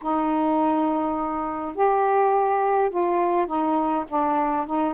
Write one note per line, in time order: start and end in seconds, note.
0.01 1.75 D#4
1.75 2.90 G4
2.90 3.46 F4
3.46 4.04 D#4
4.08 4.66 D4
4.66 4.94 D#4